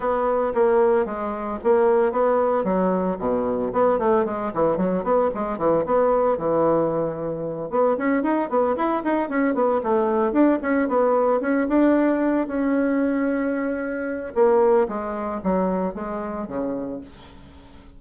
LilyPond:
\new Staff \with { instrumentName = "bassoon" } { \time 4/4 \tempo 4 = 113 b4 ais4 gis4 ais4 | b4 fis4 b,4 b8 a8 | gis8 e8 fis8 b8 gis8 e8 b4 | e2~ e8 b8 cis'8 dis'8 |
b8 e'8 dis'8 cis'8 b8 a4 d'8 | cis'8 b4 cis'8 d'4. cis'8~ | cis'2. ais4 | gis4 fis4 gis4 cis4 | }